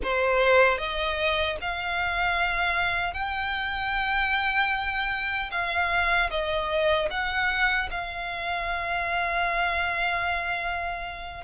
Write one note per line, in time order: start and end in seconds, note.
0.03 0.78 C5
0.78 1.56 D#5
1.61 3.13 F5
3.13 5.50 G5
5.51 6.30 F5
6.30 7.09 D#5
7.10 7.89 F#5
7.90 11.44 F5